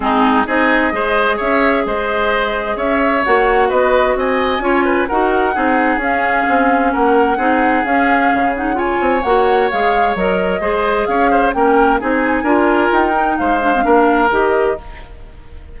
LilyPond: <<
  \new Staff \with { instrumentName = "flute" } { \time 4/4 \tempo 4 = 130 gis'4 dis''2 e''4 | dis''2 e''4 fis''4 | dis''4 gis''2 fis''4~ | fis''4 f''2 fis''4~ |
fis''4 f''4. fis''8 gis''4 | fis''4 f''4 dis''2 | f''4 g''4 gis''2 | g''4 f''2 dis''4 | }
  \new Staff \with { instrumentName = "oboe" } { \time 4/4 dis'4 gis'4 c''4 cis''4 | c''2 cis''2 | b'4 dis''4 cis''8 b'8 ais'4 | gis'2. ais'4 |
gis'2. cis''4~ | cis''2. c''4 | cis''8 c''8 ais'4 gis'4 ais'4~ | ais'4 c''4 ais'2 | }
  \new Staff \with { instrumentName = "clarinet" } { \time 4/4 c'4 dis'4 gis'2~ | gis'2. fis'4~ | fis'2 f'4 fis'4 | dis'4 cis'2. |
dis'4 cis'4. dis'8 f'4 | fis'4 gis'4 ais'4 gis'4~ | gis'4 cis'4 dis'4 f'4~ | f'8 dis'4 d'16 c'16 d'4 g'4 | }
  \new Staff \with { instrumentName = "bassoon" } { \time 4/4 gis4 c'4 gis4 cis'4 | gis2 cis'4 ais4 | b4 c'4 cis'4 dis'4 | c'4 cis'4 c'4 ais4 |
c'4 cis'4 cis4. c'8 | ais4 gis4 fis4 gis4 | cis'4 ais4 c'4 d'4 | dis'4 gis4 ais4 dis4 | }
>>